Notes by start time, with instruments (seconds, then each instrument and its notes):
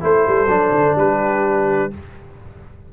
0.00 tuba A3, trombone E4, horn A4, trumpet C5
0.28 tuba G3
0.46 tuba F#3, trombone D4
0.71 tuba D3
0.95 tuba G3, horn G4, trumpet B4